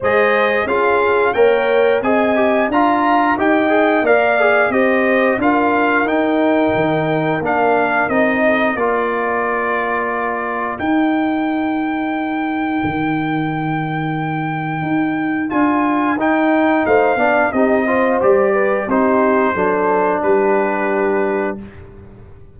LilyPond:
<<
  \new Staff \with { instrumentName = "trumpet" } { \time 4/4 \tempo 4 = 89 dis''4 f''4 g''4 gis''4 | ais''4 g''4 f''4 dis''4 | f''4 g''2 f''4 | dis''4 d''2. |
g''1~ | g''2. gis''4 | g''4 f''4 dis''4 d''4 | c''2 b'2 | }
  \new Staff \with { instrumentName = "horn" } { \time 4/4 c''4 gis'4 cis''4 dis''4 | f''4 dis''4 d''4 c''4 | ais'1~ | ais'8 a'8 ais'2.~ |
ais'1~ | ais'1~ | ais'4 c''8 d''8 g'8 c''4 b'8 | g'4 a'4 g'2 | }
  \new Staff \with { instrumentName = "trombone" } { \time 4/4 gis'4 f'4 ais'4 gis'8 g'8 | f'4 g'8 gis'8 ais'8 gis'8 g'4 | f'4 dis'2 d'4 | dis'4 f'2. |
dis'1~ | dis'2. f'4 | dis'4. d'8 dis'8 f'8 g'4 | dis'4 d'2. | }
  \new Staff \with { instrumentName = "tuba" } { \time 4/4 gis4 cis'4 ais4 c'4 | d'4 dis'4 ais4 c'4 | d'4 dis'4 dis4 ais4 | c'4 ais2. |
dis'2. dis4~ | dis2 dis'4 d'4 | dis'4 a8 b8 c'4 g4 | c'4 fis4 g2 | }
>>